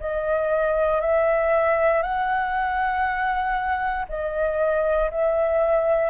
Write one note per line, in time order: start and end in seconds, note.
0.00 1.01 D#5
1.01 2.02 E5
2.02 4.05 F#5
4.09 5.10 D#5
5.11 6.10 E5